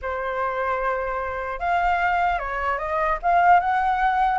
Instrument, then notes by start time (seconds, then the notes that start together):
flute
0.01 C5
1.59 F5
2.38 C#5
2.78 D#5
3.22 F5
3.59 F#5